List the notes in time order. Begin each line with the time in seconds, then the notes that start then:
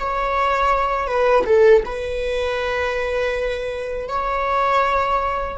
0.00 C#5
1.07 B4
1.46 A4
1.85 B4
4.08 C#5